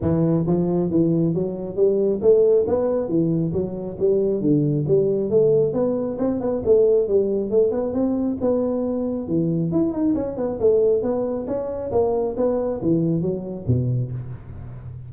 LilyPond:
\new Staff \with { instrumentName = "tuba" } { \time 4/4 \tempo 4 = 136 e4 f4 e4 fis4 | g4 a4 b4 e4 | fis4 g4 d4 g4 | a4 b4 c'8 b8 a4 |
g4 a8 b8 c'4 b4~ | b4 e4 e'8 dis'8 cis'8 b8 | a4 b4 cis'4 ais4 | b4 e4 fis4 b,4 | }